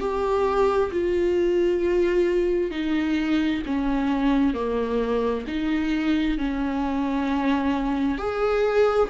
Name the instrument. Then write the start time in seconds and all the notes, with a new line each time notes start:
viola
0.00 G4
0.92 F4
2.71 D#4
3.66 C#4
4.54 A#3
5.48 D#4
6.38 C#4
8.18 G#4